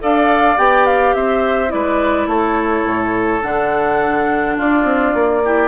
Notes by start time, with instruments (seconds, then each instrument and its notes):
0.00 bassoon D4, clarinet A4, oboe D5, flute F5
0.57 bassoon B3, clarinet G4, flute G5
0.86 flute F5
1.14 bassoon C4, oboe C5, flute E5
1.68 bassoon G#3, clarinet E4, oboe B4, flute D5
2.27 bassoon A3, oboe A4, flute C#5
2.85 bassoon A2
3.42 bassoon D3, clarinet D4, flute F#5
4.57 bassoon D4, oboe F4, flute D5
4.84 bassoon C4
5.14 bassoon A#3
5.45 clarinet E4, oboe G4